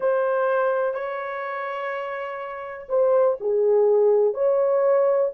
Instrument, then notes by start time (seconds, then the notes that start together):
horn
0.00 C5
0.93 C#5
2.89 C5
3.40 G#4
4.34 C#5